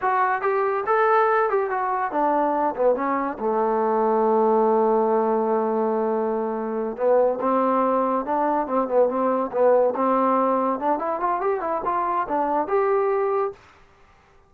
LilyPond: \new Staff \with { instrumentName = "trombone" } { \time 4/4 \tempo 4 = 142 fis'4 g'4 a'4. g'8 | fis'4 d'4. b8 cis'4 | a1~ | a1~ |
a8 b4 c'2 d'8~ | d'8 c'8 b8 c'4 b4 c'8~ | c'4. d'8 e'8 f'8 g'8 e'8 | f'4 d'4 g'2 | }